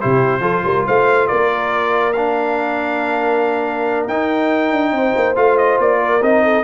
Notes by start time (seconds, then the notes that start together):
0.00 C3 E4 G4 C5
0.40 F3 F4 A4
0.64 G3 A#4
0.85 A3 C5 F5
1.27 A#3 A#4 D5
2.12 D4 F5
4.07 D#4 G5
4.71 D4
4.91 C4 C5
5.15 A#3
5.35 A3 F4 F5
5.57 D#5
5.79 A#3 D5
6.01 A#4
6.21 C4 D#4 D#5
6.43 A4